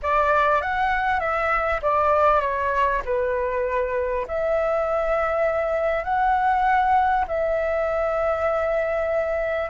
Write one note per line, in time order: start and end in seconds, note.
0.02 0.61 D5
0.61 1.20 F#5
1.20 1.80 E5
1.82 2.40 D5
2.40 3.01 C#5
3.05 4.26 B4
4.27 6.04 E5
6.04 7.25 F#5
7.27 9.70 E5